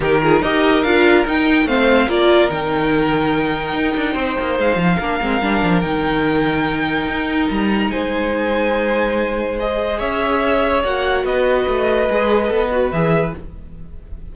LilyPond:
<<
  \new Staff \with { instrumentName = "violin" } { \time 4/4 \tempo 4 = 144 ais'4 dis''4 f''4 g''4 | f''4 d''4 g''2~ | g''2. f''4~ | f''2 g''2~ |
g''2 ais''4 gis''4~ | gis''2. dis''4 | e''2 fis''4 dis''4~ | dis''2. e''4 | }
  \new Staff \with { instrumentName = "violin" } { \time 4/4 g'8 gis'8 ais'2. | c''4 ais'2.~ | ais'2 c''2 | ais'1~ |
ais'2. c''4~ | c''1 | cis''2. b'4~ | b'1 | }
  \new Staff \with { instrumentName = "viola" } { \time 4/4 dis'8 f'8 g'4 f'4 dis'4 | c'4 f'4 dis'2~ | dis'1 | d'8 c'8 d'4 dis'2~ |
dis'1~ | dis'2. gis'4~ | gis'2 fis'2~ | fis'4 gis'4 a'8 fis'8 gis'4 | }
  \new Staff \with { instrumentName = "cello" } { \time 4/4 dis4 dis'4 d'4 dis'4 | a4 ais4 dis2~ | dis4 dis'8 d'8 c'8 ais8 gis8 f8 | ais8 gis8 g8 f8 dis2~ |
dis4 dis'4 g4 gis4~ | gis1 | cis'2 ais4 b4 | a4 gis4 b4 e4 | }
>>